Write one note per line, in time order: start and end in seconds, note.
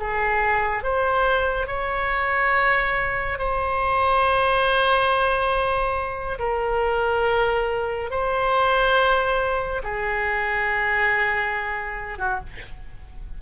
0.00 0.83 G#4
0.83 1.67 C5
1.67 3.39 C#5
3.39 6.39 C5
6.39 8.10 A#4
8.11 9.82 C5
9.83 12.19 G#4
12.19 12.40 F#4